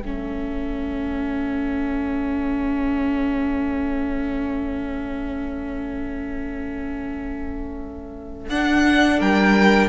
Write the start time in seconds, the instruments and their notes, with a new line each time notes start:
0.00 cello A3, viola C#4, violin A4 E5
8.49 cello D4, viola D4, violin F#5
9.19 cello G3, violin A#4 G5